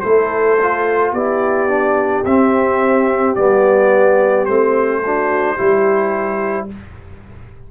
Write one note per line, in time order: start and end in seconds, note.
0.00 1.12 A3
0.00 0.59 E4
0.00 1.13 A4
0.00 1.11 C5
0.62 1.17 F4
1.12 2.23 B3
1.12 1.69 E4
1.12 5.02 G4
1.12 2.25 D5
1.69 2.24 D4
2.25 3.36 C4
2.25 3.35 E5
3.35 4.48 G3
3.35 4.47 B3
3.35 4.45 D5
4.45 5.59 A3
4.45 5.03 C4
4.45 6.67 C5
5.05 5.57 D4
5.05 5.55 F#4
5.55 6.71 G3
5.55 6.68 E4
5.55 6.66 G4